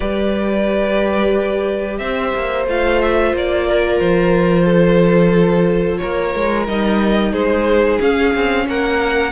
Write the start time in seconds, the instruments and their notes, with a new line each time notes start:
0.00 cello G3, viola G4, violin B4 D5
1.97 cello C4, violin C5 E5
2.34 cello A#3
2.66 cello A3, viola F4, violin F5
3.01 violin E5
3.33 cello A#3, violin D5
3.67 violin A#4
3.99 cello F3, violin C5
4.65 violin A4
5.97 cello A#3, violin A#4 C#5
6.34 cello G#3
6.67 cello G3, viola D#4, violin D#5
7.32 cello G#3, violin G#4 C5
7.99 viola C#4, cello C#4, violin F5
8.34 cello C4
8.68 cello A#3, violin A#4 F#5